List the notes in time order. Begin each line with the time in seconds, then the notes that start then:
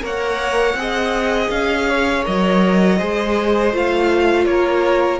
0.00 A#3 A#4 C#5 F#5
0.74 C4 G#4
0.80 D#5
1.50 C#4 F5
1.89 C#5
2.24 F#3 A#4 D#5
2.98 G#3 G#4 C5
3.72 A3 F4 F5
4.45 A#3 A#4 C#5